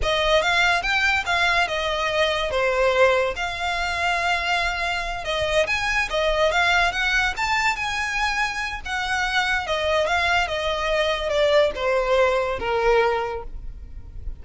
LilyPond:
\new Staff \with { instrumentName = "violin" } { \time 4/4 \tempo 4 = 143 dis''4 f''4 g''4 f''4 | dis''2 c''2 | f''1~ | f''8 dis''4 gis''4 dis''4 f''8~ |
f''8 fis''4 a''4 gis''4.~ | gis''4 fis''2 dis''4 | f''4 dis''2 d''4 | c''2 ais'2 | }